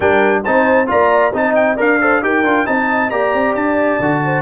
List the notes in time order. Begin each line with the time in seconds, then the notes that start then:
0.00 G3 D4 A#4 G5
0.44 C4 D#4 C5 A5
0.87 A#3 F4 D5 A#5
1.33 C4 D#4 D#5 A5
1.54 G5
1.76 D4 A#4 D5 F5
2.01 A4 C5
2.21 D#4 G4 A#4 G5
2.43 D4 F4
2.65 C4 D#4 D#5 A5
3.10 A#3 G4 D5 A#5
3.34 C4
3.54 D4 A5
3.99 D3 F#4
4.24 C5